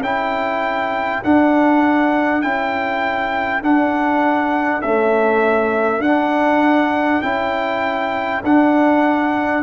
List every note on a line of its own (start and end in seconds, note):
0.00 1.20 C#4
0.00 1.24 E4
0.00 9.61 A4
0.00 1.23 G5
1.24 2.43 D4
1.24 2.41 F#5
2.41 3.62 C#4
2.41 3.62 E4
2.41 3.61 G5
3.62 4.82 D4
3.62 4.81 F#5
4.81 6.04 A3
4.81 5.99 C#4
4.81 6.01 E5
5.99 7.19 D4
5.99 7.22 D4
5.99 7.21 F#5
7.21 8.42 C#4
7.21 8.42 E4
7.21 8.41 G5
8.43 9.63 D4
8.43 9.63 F#5